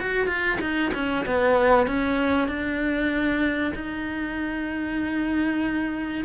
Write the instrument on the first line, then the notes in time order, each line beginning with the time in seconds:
cello
0.00 F#4
0.28 F4
0.61 D#4
0.94 C#4
1.26 B3
1.87 C#4
2.48 D4
3.75 D#4